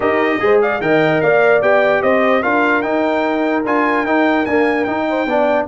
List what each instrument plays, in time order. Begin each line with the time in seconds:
0.00 tuba D#4, trombone G4, horn A#4, trumpet D#5
0.39 tuba G#3, trombone G#4, horn C5
0.61 horn D5, trumpet F5
0.80 tuba D#3, trombone A#4, horn D#5, trumpet G5
1.21 tuba A#3, horn D5, trumpet F5
1.61 tuba B3, trombone G4, trumpet G5
2.02 tuba C4, horn C5, trumpet D#5
2.42 tuba D4, trombone F4, horn A#4, trumpet F5
2.82 trombone D#4, tuba D#4, trumpet G5
3.65 tuba D4, trombone F4, trumpet G#5
4.05 tuba D#4, trombone D#4, trumpet G5
4.45 trombone A#3, tuba D4, trumpet G#5
4.84 trombone D#4, tuba D#4, trumpet G5
5.09 horn C5
5.26 tuba B3, trombone D4, horn D5